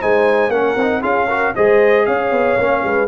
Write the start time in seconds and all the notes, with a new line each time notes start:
0.00 G#3 D#4 C5 G#5
0.49 A#3 C#4 A#4 F#5
0.76 C4 D#4
1.01 C#4 F4 G#4 F5
1.28 F#4 A#4
1.55 G#3 G#4 C5 D#5
2.05 C#4 C#5 F5
2.31 B3
2.57 A#3 C#4
2.84 G#3 B4